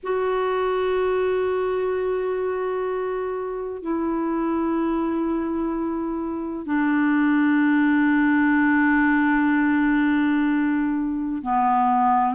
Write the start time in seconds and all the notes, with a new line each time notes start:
0.03 F#4
3.82 E4
6.65 D4
11.42 B3